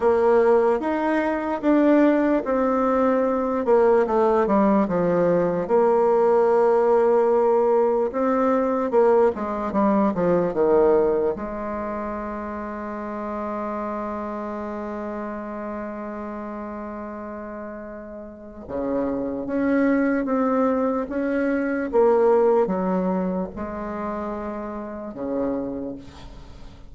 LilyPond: \new Staff \with { instrumentName = "bassoon" } { \time 4/4 \tempo 4 = 74 ais4 dis'4 d'4 c'4~ | c'8 ais8 a8 g8 f4 ais4~ | ais2 c'4 ais8 gis8 | g8 f8 dis4 gis2~ |
gis1~ | gis2. cis4 | cis'4 c'4 cis'4 ais4 | fis4 gis2 cis4 | }